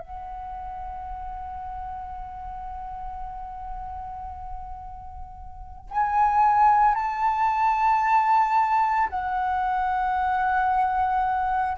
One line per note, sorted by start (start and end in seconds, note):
0.00 5.89 F#5
5.91 6.95 G#5
6.95 9.09 A5
9.10 11.78 F#5